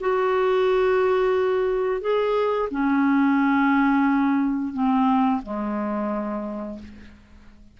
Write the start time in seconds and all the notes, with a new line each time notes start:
0.00 F#4
2.01 G#4
2.71 C#4
4.73 C4
5.42 G#3